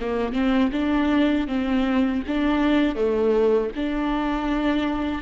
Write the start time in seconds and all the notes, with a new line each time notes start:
0.00 A#3
0.32 C4
0.72 D4
1.47 C4
2.27 D4
2.95 A3
3.75 D4